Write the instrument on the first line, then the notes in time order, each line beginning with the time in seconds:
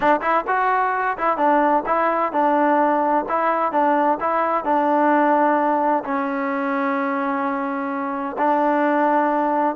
trombone
0.00 D4
0.21 E4
0.47 F#4
1.17 E4
1.37 D4
1.85 E4
2.32 D4
3.29 E4
3.72 D4
4.20 E4
4.64 D4
6.04 C#4
8.38 D4